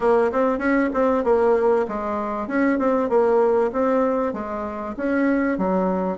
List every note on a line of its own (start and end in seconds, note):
0.00 0.31 A#3
0.32 0.58 C4
0.58 0.89 C#4
0.93 1.24 C4
1.24 1.86 A#3
1.88 2.47 G#3
2.47 2.78 C#4
2.78 3.09 C4
3.09 3.71 A#3
3.72 4.33 C4
4.33 4.95 G#3
4.96 5.58 C#4
5.58 6.17 F#3